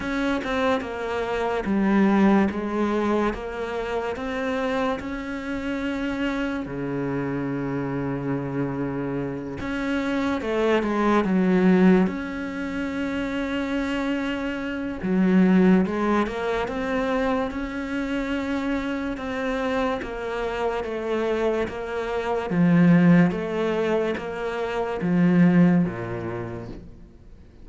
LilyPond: \new Staff \with { instrumentName = "cello" } { \time 4/4 \tempo 4 = 72 cis'8 c'8 ais4 g4 gis4 | ais4 c'4 cis'2 | cis2.~ cis8 cis'8~ | cis'8 a8 gis8 fis4 cis'4.~ |
cis'2 fis4 gis8 ais8 | c'4 cis'2 c'4 | ais4 a4 ais4 f4 | a4 ais4 f4 ais,4 | }